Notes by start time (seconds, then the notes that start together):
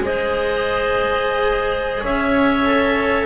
0.00 G#3 G#4 C5 D#5
2.03 C#4 C#5 E5
2.65 A4